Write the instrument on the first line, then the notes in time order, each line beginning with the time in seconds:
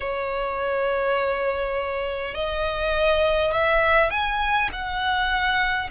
violin
0.00 C#5
2.34 D#5
3.51 E5
4.10 G#5
4.72 F#5